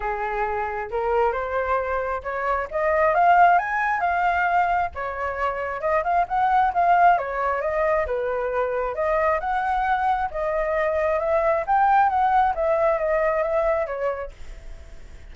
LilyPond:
\new Staff \with { instrumentName = "flute" } { \time 4/4 \tempo 4 = 134 gis'2 ais'4 c''4~ | c''4 cis''4 dis''4 f''4 | gis''4 f''2 cis''4~ | cis''4 dis''8 f''8 fis''4 f''4 |
cis''4 dis''4 b'2 | dis''4 fis''2 dis''4~ | dis''4 e''4 g''4 fis''4 | e''4 dis''4 e''4 cis''4 | }